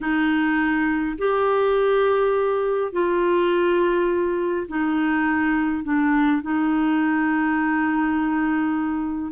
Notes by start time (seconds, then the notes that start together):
0.01 D#4
1.18 G4
2.92 F4
4.68 D#4
5.83 D4
6.42 D#4